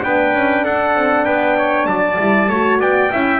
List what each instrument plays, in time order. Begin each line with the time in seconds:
0.00 double bass B3, horn D4, trumpet B4 G5
0.34 double bass C#4
0.64 double bass D4, trumpet A4 F#5
0.95 double bass C4
1.25 double bass B3, trumpet B4 G5
1.57 trumpet C#5
1.86 double bass F#3, trumpet D5 A5
2.18 double bass G3, horn E4
2.49 double bass A3, horn F#4, trumpet C#5
2.80 double bass B3, trumpet D5 G5
3.11 double bass C#4, horn E4, trumpet E5